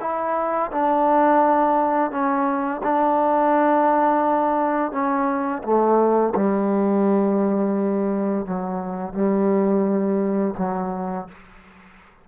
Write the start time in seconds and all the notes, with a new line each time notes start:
0.00 E4
0.72 D4
2.10 C#4
2.83 D4
4.92 C#4
5.63 A3
6.35 G3
8.45 F#3
9.13 G3
10.57 F#3